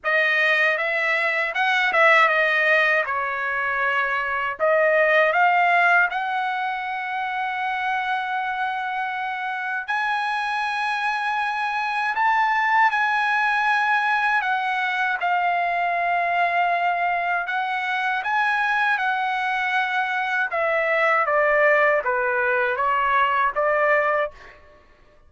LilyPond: \new Staff \with { instrumentName = "trumpet" } { \time 4/4 \tempo 4 = 79 dis''4 e''4 fis''8 e''8 dis''4 | cis''2 dis''4 f''4 | fis''1~ | fis''4 gis''2. |
a''4 gis''2 fis''4 | f''2. fis''4 | gis''4 fis''2 e''4 | d''4 b'4 cis''4 d''4 | }